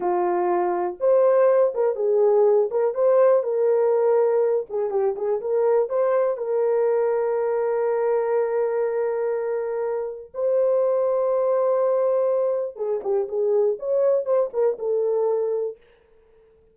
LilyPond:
\new Staff \with { instrumentName = "horn" } { \time 4/4 \tempo 4 = 122 f'2 c''4. ais'8 | gis'4. ais'8 c''4 ais'4~ | ais'4. gis'8 g'8 gis'8 ais'4 | c''4 ais'2.~ |
ais'1~ | ais'4 c''2.~ | c''2 gis'8 g'8 gis'4 | cis''4 c''8 ais'8 a'2 | }